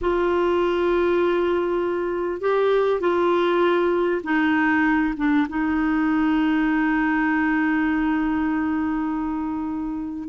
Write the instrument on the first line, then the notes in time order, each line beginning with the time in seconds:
clarinet
0.01 F4
2.40 G4
3.00 F4
4.23 D#4
5.17 D4
5.48 D#4